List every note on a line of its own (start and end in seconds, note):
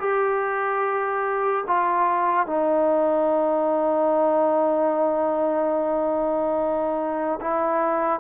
0.00 1.64 G4
1.67 2.47 F4
2.47 7.40 D#4
7.41 8.20 E4